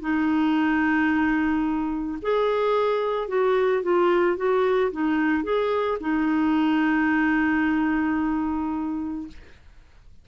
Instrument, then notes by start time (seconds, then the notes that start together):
clarinet
0.00 D#4
2.22 G#4
3.28 F#4
3.82 F4
4.36 F#4
4.91 D#4
5.43 G#4
6.00 D#4